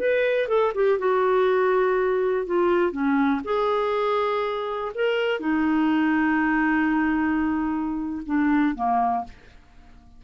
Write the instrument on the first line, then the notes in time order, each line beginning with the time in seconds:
clarinet
0.00 B4
0.49 A4
0.75 G4
0.99 F#4
2.47 F4
2.92 C#4
3.45 G#4
4.95 A#4
5.40 D#4
8.26 D4
8.76 A#3